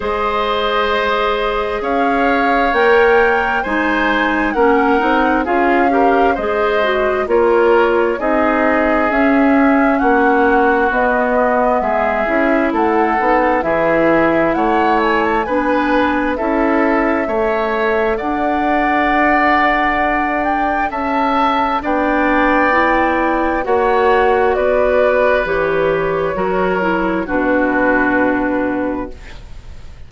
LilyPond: <<
  \new Staff \with { instrumentName = "flute" } { \time 4/4 \tempo 4 = 66 dis''2 f''4 g''4 | gis''4 fis''4 f''4 dis''4 | cis''4 dis''4 e''4 fis''4 | dis''4 e''4 fis''4 e''4 |
fis''8 gis''16 a''16 gis''4 e''2 | fis''2~ fis''8 g''8 a''4 | g''2 fis''4 d''4 | cis''2 b'2 | }
  \new Staff \with { instrumentName = "oboe" } { \time 4/4 c''2 cis''2 | c''4 ais'4 gis'8 ais'8 c''4 | ais'4 gis'2 fis'4~ | fis'4 gis'4 a'4 gis'4 |
cis''4 b'4 a'4 cis''4 | d''2. e''4 | d''2 cis''4 b'4~ | b'4 ais'4 fis'2 | }
  \new Staff \with { instrumentName = "clarinet" } { \time 4/4 gis'2. ais'4 | dis'4 cis'8 dis'8 f'8 g'8 gis'8 fis'8 | f'4 dis'4 cis'2 | b4. e'4 dis'8 e'4~ |
e'4 d'4 e'4 a'4~ | a'1 | d'4 e'4 fis'2 | g'4 fis'8 e'8 d'2 | }
  \new Staff \with { instrumentName = "bassoon" } { \time 4/4 gis2 cis'4 ais4 | gis4 ais8 c'8 cis'4 gis4 | ais4 c'4 cis'4 ais4 | b4 gis8 cis'8 a8 b8 e4 |
a4 b4 cis'4 a4 | d'2. cis'4 | b2 ais4 b4 | e4 fis4 b,2 | }
>>